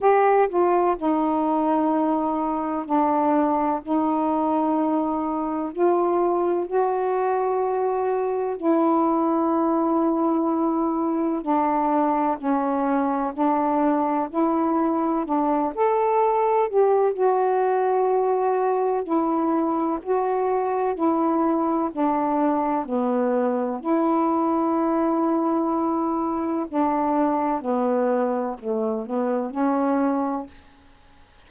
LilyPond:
\new Staff \with { instrumentName = "saxophone" } { \time 4/4 \tempo 4 = 63 g'8 f'8 dis'2 d'4 | dis'2 f'4 fis'4~ | fis'4 e'2. | d'4 cis'4 d'4 e'4 |
d'8 a'4 g'8 fis'2 | e'4 fis'4 e'4 d'4 | b4 e'2. | d'4 b4 a8 b8 cis'4 | }